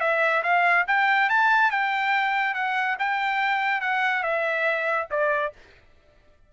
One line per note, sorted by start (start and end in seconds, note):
0.00 0.42 E5
0.43 0.85 F5
0.87 1.29 G5
1.29 1.71 A5
1.71 2.54 G5
2.54 2.96 F#5
2.99 3.81 G5
3.81 4.23 F#5
4.23 5.07 E5
5.10 5.53 D5